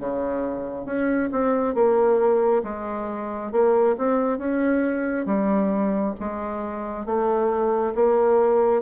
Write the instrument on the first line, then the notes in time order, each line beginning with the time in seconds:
bassoon
0.00 C#3
0.86 C#4
1.32 C4
1.75 A#3
2.64 G#3
3.52 A#3
3.98 C4
4.39 C#4
5.26 G3
6.20 G#3
7.06 A3
7.96 A#3